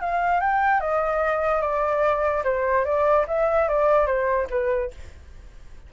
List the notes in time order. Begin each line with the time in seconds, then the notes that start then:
0.00 F5
0.40 G5
0.80 D#5
1.61 D5
2.44 C5
2.84 D5
3.27 E5
3.68 D5
4.06 C5
4.50 B4